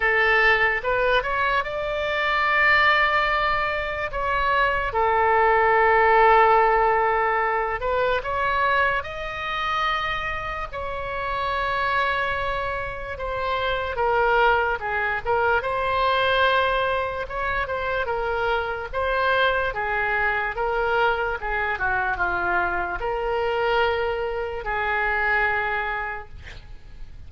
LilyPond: \new Staff \with { instrumentName = "oboe" } { \time 4/4 \tempo 4 = 73 a'4 b'8 cis''8 d''2~ | d''4 cis''4 a'2~ | a'4. b'8 cis''4 dis''4~ | dis''4 cis''2. |
c''4 ais'4 gis'8 ais'8 c''4~ | c''4 cis''8 c''8 ais'4 c''4 | gis'4 ais'4 gis'8 fis'8 f'4 | ais'2 gis'2 | }